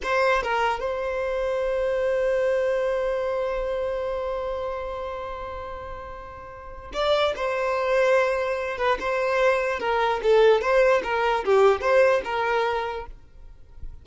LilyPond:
\new Staff \with { instrumentName = "violin" } { \time 4/4 \tempo 4 = 147 c''4 ais'4 c''2~ | c''1~ | c''1~ | c''1~ |
c''4 d''4 c''2~ | c''4. b'8 c''2 | ais'4 a'4 c''4 ais'4 | g'4 c''4 ais'2 | }